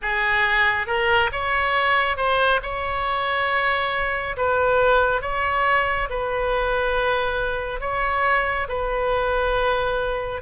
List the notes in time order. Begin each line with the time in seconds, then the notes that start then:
0.02 G#4
0.87 A#4
1.32 C#5
2.17 C5
2.62 C#5
4.37 B4
5.21 C#5
6.09 B4
7.80 C#5
8.68 B4